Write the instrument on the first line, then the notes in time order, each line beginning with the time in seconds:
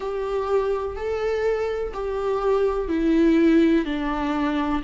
viola
0.00 G4
0.96 A4
1.94 G4
2.88 E4
3.84 D4